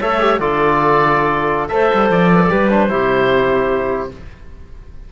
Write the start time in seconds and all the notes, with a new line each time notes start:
0.00 A3 A4 C#5 E5
0.21 G4
0.40 D3 F4 A4 D5
1.68 A3 A4 C5 E5
1.94 G3
2.10 F3 D5
2.35 B4
2.42 A4
2.49 G3 G4 B4
2.70 D4 C5
2.89 C3 E4 G4